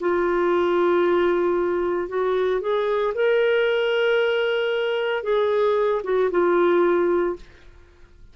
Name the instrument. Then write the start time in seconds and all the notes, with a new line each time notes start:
clarinet
0.00 F4
2.09 F#4
2.61 G#4
3.14 A#4
5.23 G#4
6.04 F#4
6.31 F4